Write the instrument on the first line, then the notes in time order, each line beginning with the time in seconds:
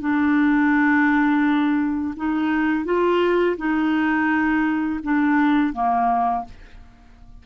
clarinet
0.00 D4
2.16 D#4
2.85 F4
3.57 D#4
5.03 D4
5.73 A#3